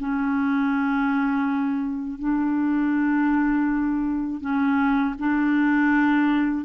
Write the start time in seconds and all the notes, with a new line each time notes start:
0.00 C#4
2.19 D4
4.41 C#4
5.19 D4